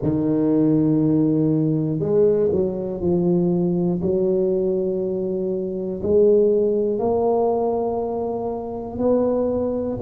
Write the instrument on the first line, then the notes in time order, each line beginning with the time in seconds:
tuba
0.02 D#3
2.00 G#3
2.51 F#3
3.00 F3
4.01 F#3
6.03 G#3
6.99 A#3
8.98 B3